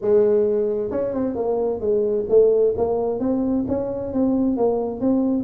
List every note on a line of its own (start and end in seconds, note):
0.01 0.91 G#3
0.91 1.14 C#4
1.14 1.35 C4
1.35 1.80 A#3
1.80 2.25 G#3
2.29 2.74 A3
2.77 3.19 A#3
3.19 3.65 C4
3.68 4.13 C#4
4.13 4.56 C4
4.56 5.00 A#3
5.00 5.43 C4